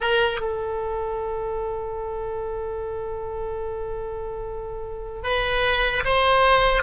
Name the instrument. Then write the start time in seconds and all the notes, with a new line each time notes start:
oboe
0.00 A#4
0.40 A4
5.23 B4
6.05 C5